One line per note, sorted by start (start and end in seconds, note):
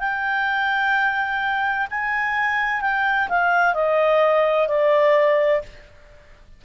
0.00 1.87 G5
1.91 2.82 G#5
2.82 3.29 G5
3.29 3.75 F5
3.75 4.68 D#5
4.69 5.62 D5